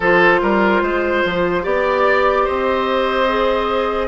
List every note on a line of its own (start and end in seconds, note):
0.00 0.41 F3
0.00 1.62 F4
0.00 0.40 A4
0.00 1.65 C5
0.42 0.82 G3
0.42 0.82 A#4
0.82 1.23 G#3
0.82 1.63 C5
1.24 1.65 F3
1.62 2.47 B3
1.62 3.26 G4
1.62 2.44 D5
1.62 2.47 D5
2.44 4.08 C4
2.44 4.08 C5
2.44 4.08 D#5
3.28 4.08 G#4